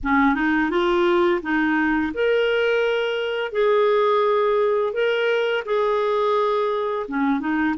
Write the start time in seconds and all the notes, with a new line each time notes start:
0.03 C#4
0.35 D#4
0.70 F4
1.42 D#4
2.14 A#4
3.52 G#4
4.93 A#4
5.65 G#4
7.08 C#4
7.39 D#4